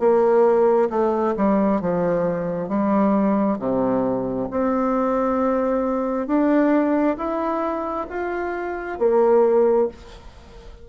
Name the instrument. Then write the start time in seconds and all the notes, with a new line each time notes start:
bassoon
0.00 A#3
0.90 A3
1.37 G3
1.82 F3
2.69 G3
3.59 C3
4.51 C4
6.27 D4
7.18 E4
8.10 F4
8.99 A#3